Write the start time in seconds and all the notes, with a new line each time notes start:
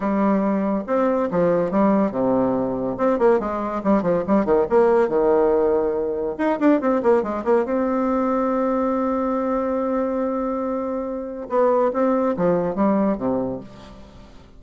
0.00 G3
0.86 C4
1.31 F3
1.71 G3
2.11 C3
2.97 C4
3.18 A#3
3.39 G#3
3.83 G3
4.02 F3
4.27 G3
4.45 D#3
4.69 A#3
5.08 D#3
6.38 D#4
6.59 D4
6.80 C4
7.03 A#3
7.22 G#3
7.44 A#3
7.65 C4
11.49 B3
11.93 C4
12.36 F3
12.75 G3
13.17 C3